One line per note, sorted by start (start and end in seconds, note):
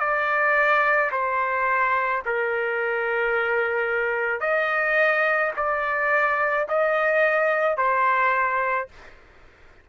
0.00 1.11 D5
1.12 2.23 C5
2.26 4.41 A#4
4.41 5.52 D#5
5.57 6.68 D5
6.69 7.78 D#5
7.78 8.89 C5